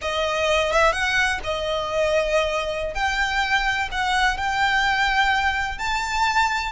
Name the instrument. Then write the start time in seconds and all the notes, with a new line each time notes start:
violin
0.01 D#5
0.72 E5
0.92 F#5
1.43 D#5
2.94 G5
3.91 F#5
4.37 G5
5.78 A5